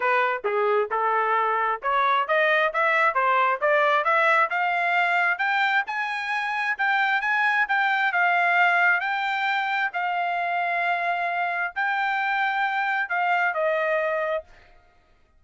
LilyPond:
\new Staff \with { instrumentName = "trumpet" } { \time 4/4 \tempo 4 = 133 b'4 gis'4 a'2 | cis''4 dis''4 e''4 c''4 | d''4 e''4 f''2 | g''4 gis''2 g''4 |
gis''4 g''4 f''2 | g''2 f''2~ | f''2 g''2~ | g''4 f''4 dis''2 | }